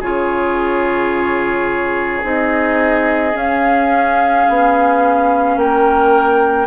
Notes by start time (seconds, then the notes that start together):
0.00 C#3 F4 G#4 C#5
2.23 C4 D#4 D#5
3.33 C#4 F5
4.49 B3
5.56 A#3 A#4 G5